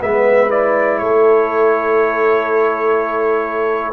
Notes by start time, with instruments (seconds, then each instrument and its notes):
0.00 tuba G#3, trombone B3, horn B4, trumpet E5
0.49 trombone E4, trumpet D5
0.98 tuba A3, horn A4, trumpet C#5